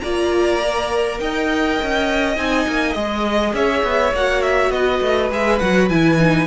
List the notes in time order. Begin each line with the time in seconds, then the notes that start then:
0.00 A#3 F4 D5 A#5
0.62 A#4
1.19 D#4 D#5 G5
1.82 C#4
2.36 C4 D#4 G#5
2.67 A#3
2.93 G#3 G#4 D#5
3.53 C#4 C#5 E5
3.83 B3
4.13 A#3 F#4 F#5
4.42 E5
4.71 B3 B4 D#5
5.01 A3
5.31 G#3 G#4 E5
5.59 F#3 F#4 F#5
5.89 E3 E4 G#5
6.19 D#4